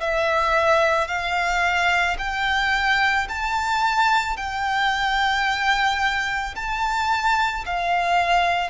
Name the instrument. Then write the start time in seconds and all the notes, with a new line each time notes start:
violin
0.00 E5
1.07 F5
2.18 G5
3.28 A5
4.36 G5
6.55 A5
7.65 F5